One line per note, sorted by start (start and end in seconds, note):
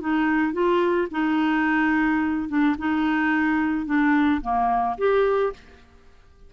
0.00 0.53 D#4
0.53 1.08 F4
1.11 2.48 D#4
2.48 2.76 D4
2.78 3.86 D#4
3.86 4.41 D4
4.41 4.96 A#3
4.98 5.53 G4